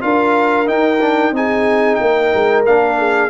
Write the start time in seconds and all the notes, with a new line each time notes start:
0.00 D4 F4 A#4 F5
0.66 D#4 G5
1.01 D4
1.32 C4 D#4 G#4 G#5
1.95 A#3 A#4 G5
2.34 G#3
2.65 A#3 D4 F5
2.98 G#4